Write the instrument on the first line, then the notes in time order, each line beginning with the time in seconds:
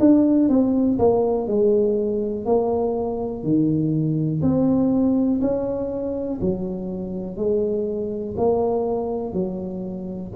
tuba
0.00 D4
0.49 C4
0.99 A#3
1.48 G#3
2.45 A#3
3.43 D#3
4.42 C4
5.41 C#4
6.41 F#3
7.36 G#3
8.37 A#3
9.33 F#3